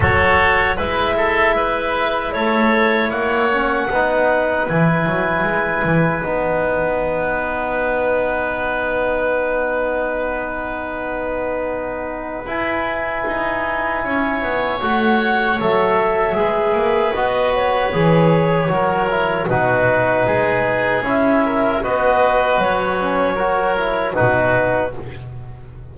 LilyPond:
<<
  \new Staff \with { instrumentName = "clarinet" } { \time 4/4 \tempo 4 = 77 cis''4 e''2 cis''4 | fis''2 gis''2 | fis''1~ | fis''1 |
gis''2. fis''4 | e''2 dis''8 cis''4.~ | cis''4 b'2 e''4 | dis''4 cis''2 b'4 | }
  \new Staff \with { instrumentName = "oboe" } { \time 4/4 a'4 b'8 a'8 b'4 a'4 | cis''4 b'2.~ | b'1~ | b'1~ |
b'2 cis''2~ | cis''4 b'2. | ais'4 fis'4 gis'4. ais'8 | b'2 ais'4 fis'4 | }
  \new Staff \with { instrumentName = "trombone" } { \time 4/4 fis'4 e'2.~ | e'8 cis'8 dis'4 e'2 | dis'1~ | dis'1 |
e'2. fis'4 | a'4 gis'4 fis'4 gis'4 | fis'8 e'8 dis'2 e'4 | fis'4. cis'8 fis'8 e'8 dis'4 | }
  \new Staff \with { instrumentName = "double bass" } { \time 4/4 fis4 gis2 a4 | ais4 b4 e8 fis8 gis8 e8 | b1~ | b1 |
e'4 dis'4 cis'8 b8 a4 | fis4 gis8 ais8 b4 e4 | fis4 b,4 gis4 cis'4 | b4 fis2 b,4 | }
>>